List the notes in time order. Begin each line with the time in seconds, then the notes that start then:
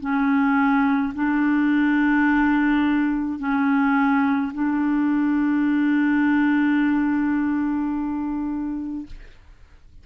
0.00 C#4
1.14 D4
3.39 C#4
4.53 D4